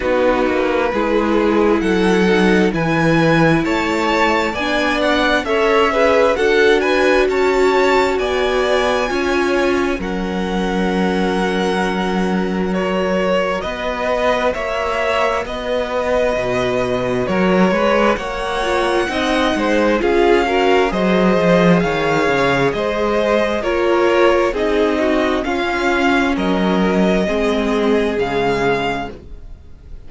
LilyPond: <<
  \new Staff \with { instrumentName = "violin" } { \time 4/4 \tempo 4 = 66 b'2 fis''4 gis''4 | a''4 gis''8 fis''8 e''4 fis''8 gis''8 | a''4 gis''2 fis''4~ | fis''2 cis''4 dis''4 |
e''4 dis''2 cis''4 | fis''2 f''4 dis''4 | f''4 dis''4 cis''4 dis''4 | f''4 dis''2 f''4 | }
  \new Staff \with { instrumentName = "violin" } { \time 4/4 fis'4 gis'4 a'4 b'4 | cis''4 d''4 cis''8 b'8 a'8 b'8 | cis''4 d''4 cis''4 ais'4~ | ais'2. b'4 |
cis''4 b'2 ais'8 b'8 | cis''4 dis''8 c''8 gis'8 ais'8 c''4 | cis''4 c''4 ais'4 gis'8 fis'8 | f'4 ais'4 gis'2 | }
  \new Staff \with { instrumentName = "viola" } { \time 4/4 dis'4 e'4. dis'8 e'4~ | e'4 d'4 a'8 gis'8 fis'4~ | fis'2 f'4 cis'4~ | cis'2 fis'2~ |
fis'1~ | fis'8 f'8 dis'4 f'8 fis'8 gis'4~ | gis'2 f'4 dis'4 | cis'2 c'4 gis4 | }
  \new Staff \with { instrumentName = "cello" } { \time 4/4 b8 ais8 gis4 fis4 e4 | a4 b4 cis'4 d'4 | cis'4 b4 cis'4 fis4~ | fis2. b4 |
ais4 b4 b,4 fis8 gis8 | ais4 c'8 gis8 cis'4 fis8 f8 | dis8 cis8 gis4 ais4 c'4 | cis'4 fis4 gis4 cis4 | }
>>